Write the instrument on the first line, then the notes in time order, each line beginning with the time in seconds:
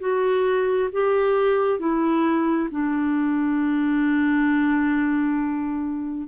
clarinet
0.00 F#4
0.92 G4
1.80 E4
2.71 D4